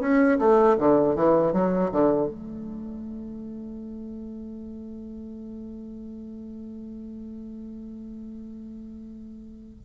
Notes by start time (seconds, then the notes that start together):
0.00 C#4
0.38 A3
0.78 D3
1.15 E3
1.52 F#3
1.92 D3
2.26 A3